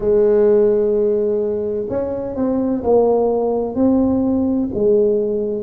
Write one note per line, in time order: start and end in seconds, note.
0.00 1.86 G#3
1.89 2.35 C#4
2.35 2.82 C4
2.83 3.75 A#3
3.75 4.68 C4
4.73 5.63 G#3